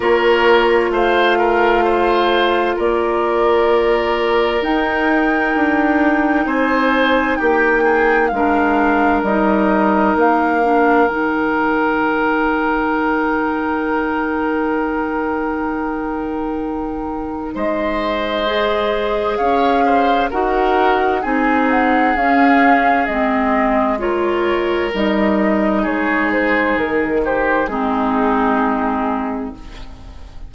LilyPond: <<
  \new Staff \with { instrumentName = "flute" } { \time 4/4 \tempo 4 = 65 cis''4 f''2 d''4~ | d''4 g''2 gis''4 | g''4 f''4 dis''4 f''4 | g''1~ |
g''2. dis''4~ | dis''4 f''4 fis''4 gis''8 fis''8 | f''4 dis''4 cis''4 dis''4 | cis''8 c''8 ais'8 c''8 gis'2 | }
  \new Staff \with { instrumentName = "oboe" } { \time 4/4 ais'4 c''8 ais'8 c''4 ais'4~ | ais'2. c''4 | g'8 gis'8 ais'2.~ | ais'1~ |
ais'2. c''4~ | c''4 cis''8 c''8 ais'4 gis'4~ | gis'2 ais'2 | gis'4. g'8 dis'2 | }
  \new Staff \with { instrumentName = "clarinet" } { \time 4/4 f'1~ | f'4 dis'2.~ | dis'4 d'4 dis'4. d'8 | dis'1~ |
dis'1 | gis'2 fis'4 dis'4 | cis'4 c'4 f'4 dis'4~ | dis'2 c'2 | }
  \new Staff \with { instrumentName = "bassoon" } { \time 4/4 ais4 a2 ais4~ | ais4 dis'4 d'4 c'4 | ais4 gis4 g4 ais4 | dis1~ |
dis2. gis4~ | gis4 cis'4 dis'4 c'4 | cis'4 gis2 g4 | gis4 dis4 gis2 | }
>>